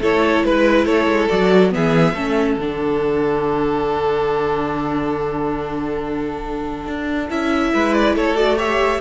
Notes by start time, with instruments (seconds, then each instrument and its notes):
0.00 cello A3, viola E4, violin A4 C#5
0.44 cello G#3, violin B4
0.85 cello A3, violin A4 C#5
1.06 cello G#3
1.28 cello F#3, viola F#4, violin D5
1.70 cello E3, viola B3, violin G#4 E5
2.13 cello A3, viola C#4, violin A4
2.58 cello D3, viola D4, violin F#5
6.86 cello D4
7.30 cello C#4, viola E4, violin E5
7.73 cello G#3, violin B4
7.93 violin D5
8.15 cello A3, violin A4 C#5
8.35 viola F#4, violin D5
8.56 viola G4, violin C#5 E5